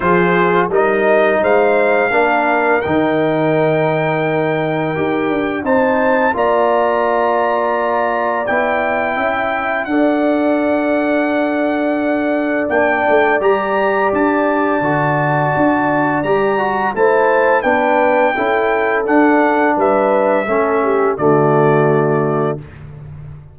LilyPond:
<<
  \new Staff \with { instrumentName = "trumpet" } { \time 4/4 \tempo 4 = 85 c''4 dis''4 f''2 | g''1 | a''4 ais''2. | g''2 fis''2~ |
fis''2 g''4 ais''4 | a''2. ais''4 | a''4 g''2 fis''4 | e''2 d''2 | }
  \new Staff \with { instrumentName = "horn" } { \time 4/4 gis'4 ais'4 c''4 ais'4~ | ais'1 | c''4 d''2.~ | d''4 e''4 d''2~ |
d''1~ | d''1 | c''4 b'4 a'2 | b'4 a'8 g'8 fis'2 | }
  \new Staff \with { instrumentName = "trombone" } { \time 4/4 f'4 dis'2 d'4 | dis'2. g'4 | dis'4 f'2. | e'2 a'2~ |
a'2 d'4 g'4~ | g'4 fis'2 g'8 fis'8 | e'4 d'4 e'4 d'4~ | d'4 cis'4 a2 | }
  \new Staff \with { instrumentName = "tuba" } { \time 4/4 f4 g4 gis4 ais4 | dis2. dis'8 d'8 | c'4 ais2. | b4 cis'4 d'2~ |
d'2 ais8 a8 g4 | d'4 d4 d'4 g4 | a4 b4 cis'4 d'4 | g4 a4 d2 | }
>>